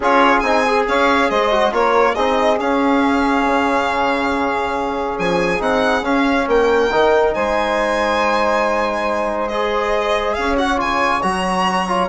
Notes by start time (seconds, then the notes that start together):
0.00 C#4 F4 G#4 C#5
0.39 C4 D#4 G#5
0.67 G#4
0.87 C#4 C#5 F5
1.29 G#3 C5 D#5
1.51 F#4
1.72 A#3 F4 A#4 C#5
2.12 C4 D#4 G#4 D#5
2.57 C#4 F5
3.45 C#3
5.18 F3 G#5
5.59 C4 D#4 F#5
6.02 C#4 F5
6.47 A#3 A#4 G5
6.92 D#3 D#4
7.34 G#3 C5 G#5
9.47 G#4 D#5
10.34 C#4 C#5 F5
10.57 F#4 F#5
10.77 C#3 F4 G#5
11.21 F#3 F#4 A#5
11.87 F4